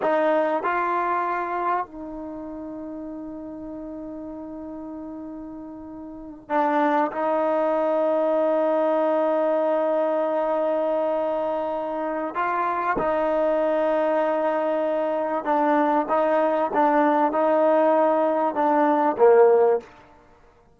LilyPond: \new Staff \with { instrumentName = "trombone" } { \time 4/4 \tempo 4 = 97 dis'4 f'2 dis'4~ | dis'1~ | dis'2~ dis'8 d'4 dis'8~ | dis'1~ |
dis'1 | f'4 dis'2.~ | dis'4 d'4 dis'4 d'4 | dis'2 d'4 ais4 | }